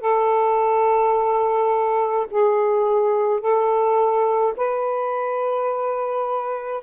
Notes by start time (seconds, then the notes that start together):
0.00 A4
2.31 G#4
3.40 A4
4.56 B4